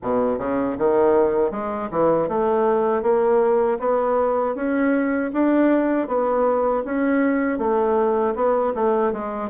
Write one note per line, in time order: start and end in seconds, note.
0.02 0.38 B2
0.38 0.76 C#3
0.78 1.51 D#3
1.51 1.89 G#3
1.90 2.28 E3
2.28 3.02 A3
3.02 3.78 A#3
3.79 4.55 B3
4.55 5.31 C#4
5.33 6.07 D4
6.07 6.83 B3
6.85 7.58 C#4
7.58 8.34 A3
8.35 8.73 B3
8.74 9.12 A3
9.12 9.49 G#3